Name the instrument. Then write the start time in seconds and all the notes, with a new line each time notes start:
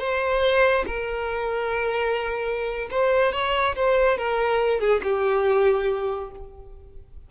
violin
0.00 C5
0.87 A#4
2.91 C5
3.33 C#5
3.76 C5
4.18 A#4
4.80 G#4
5.03 G4